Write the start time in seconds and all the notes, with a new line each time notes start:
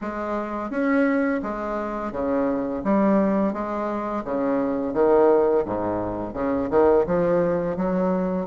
0.01 G#3
0.70 C#4
1.42 G#3
2.12 C#3
2.84 G3
3.53 G#3
4.24 C#3
4.93 D#3
5.65 G#2
6.33 C#3
6.69 D#3
7.06 F3
7.76 F#3